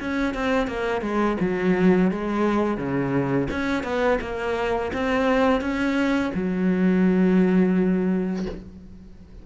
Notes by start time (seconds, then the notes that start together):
0.00 C#4
0.34 C4
0.67 A#3
1.01 G#3
1.40 F#3
2.11 G#3
2.77 C#3
3.50 C#4
3.83 B3
4.21 A#3
4.93 C4
5.61 C#4
6.34 F#3